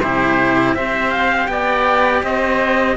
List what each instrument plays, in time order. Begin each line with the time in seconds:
0.00 cello C3 E4, oboe G4, trumpet C5
0.73 cello C4 G4, oboe C5, trumpet E5
1.11 trumpet F5
1.47 cello B3, oboe D5, trumpet G5
2.23 cello C4, oboe C5, trumpet D#5